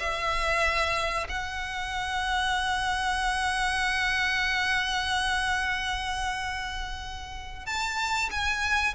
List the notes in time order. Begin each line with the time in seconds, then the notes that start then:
0.00 E5
1.29 F#5
7.66 A5
8.31 G#5